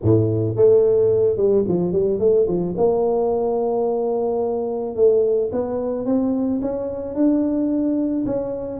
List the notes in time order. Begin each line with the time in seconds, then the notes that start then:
0.02 A2
0.56 A3
1.37 G3
1.68 F3
1.92 G3
2.19 A3
2.47 F3
2.77 A#3
4.95 A3
5.52 B3
6.06 C4
6.61 C#4
7.14 D4
8.26 C#4